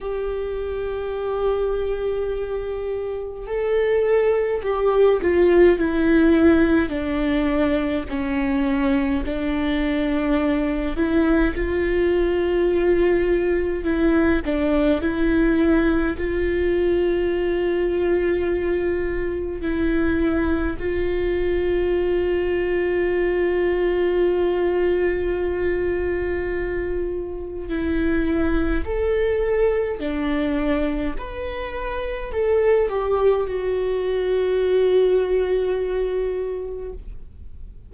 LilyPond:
\new Staff \with { instrumentName = "viola" } { \time 4/4 \tempo 4 = 52 g'2. a'4 | g'8 f'8 e'4 d'4 cis'4 | d'4. e'8 f'2 | e'8 d'8 e'4 f'2~ |
f'4 e'4 f'2~ | f'1 | e'4 a'4 d'4 b'4 | a'8 g'8 fis'2. | }